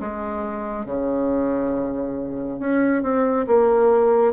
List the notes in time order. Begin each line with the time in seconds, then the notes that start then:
0.00 G#3
0.85 C#3
2.60 C#4
3.03 C4
3.47 A#3